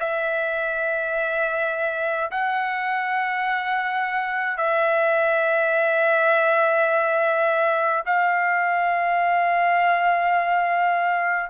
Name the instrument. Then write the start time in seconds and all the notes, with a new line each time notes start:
trumpet
0.00 E5
2.31 F#5
4.58 E5
8.07 F5